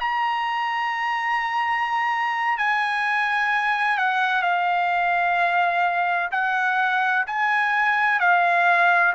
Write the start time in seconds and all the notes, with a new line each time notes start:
0.00 A#5
2.58 G#5
3.98 F#5
4.42 F5
6.32 F#5
7.27 G#5
8.20 F5